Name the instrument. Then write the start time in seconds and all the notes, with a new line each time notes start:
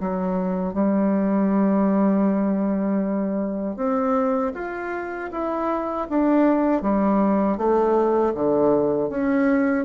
bassoon
0.00 F#3
0.73 G3
3.76 C4
4.54 F4
5.31 E4
6.09 D4
6.82 G3
7.57 A3
8.34 D3
9.09 C#4